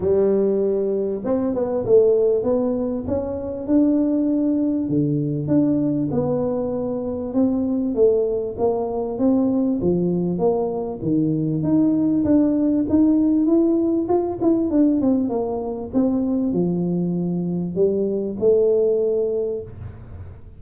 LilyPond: \new Staff \with { instrumentName = "tuba" } { \time 4/4 \tempo 4 = 98 g2 c'8 b8 a4 | b4 cis'4 d'2 | d4 d'4 b2 | c'4 a4 ais4 c'4 |
f4 ais4 dis4 dis'4 | d'4 dis'4 e'4 f'8 e'8 | d'8 c'8 ais4 c'4 f4~ | f4 g4 a2 | }